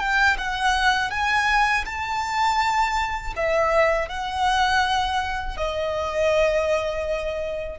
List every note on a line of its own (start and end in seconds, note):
0.00 0.37 G5
0.38 1.11 F#5
1.11 1.85 G#5
1.86 3.34 A5
3.37 4.09 E5
4.09 5.58 F#5
5.58 7.80 D#5